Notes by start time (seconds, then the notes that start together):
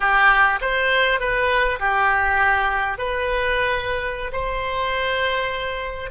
0.00 G4
0.61 C5
1.20 B4
1.79 G4
2.97 B4
4.32 C5